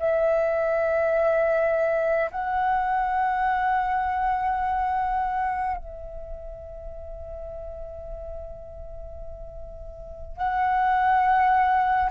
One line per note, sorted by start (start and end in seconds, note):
0.00 2.31 E5
2.32 5.77 F#5
5.77 10.37 E5
10.37 12.10 F#5